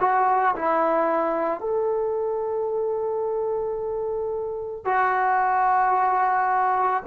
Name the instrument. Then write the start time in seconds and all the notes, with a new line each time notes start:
trombone
0.00 F#4
0.55 E4
1.60 A4
4.84 F#4